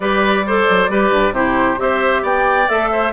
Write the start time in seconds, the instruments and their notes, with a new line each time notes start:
0.00 bassoon G3, clarinet G4, oboe B4, flute D5
0.46 clarinet A4, oboe C5
0.69 bassoon F#3
0.89 bassoon G3, clarinet G4, oboe B4
1.11 bassoon G2
1.32 bassoon C3, clarinet E4, oboe G4, flute C5
1.76 bassoon C4, clarinet G4, oboe C5, flute E5
2.22 bassoon B3, oboe D5, flute G5
2.68 bassoon A3, clarinet A4, flute E5
2.92 oboe C5